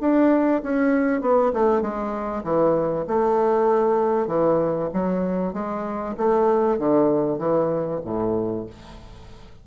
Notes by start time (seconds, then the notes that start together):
0.00 D4
0.62 C#4
1.21 B3
1.53 A3
1.81 G#3
2.43 E3
3.07 A3
4.27 E3
4.93 F#3
5.53 G#3
6.17 A3
6.78 D3
7.38 E3
8.04 A2